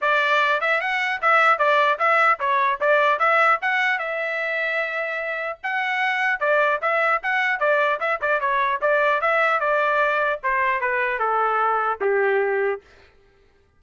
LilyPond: \new Staff \with { instrumentName = "trumpet" } { \time 4/4 \tempo 4 = 150 d''4. e''8 fis''4 e''4 | d''4 e''4 cis''4 d''4 | e''4 fis''4 e''2~ | e''2 fis''2 |
d''4 e''4 fis''4 d''4 | e''8 d''8 cis''4 d''4 e''4 | d''2 c''4 b'4 | a'2 g'2 | }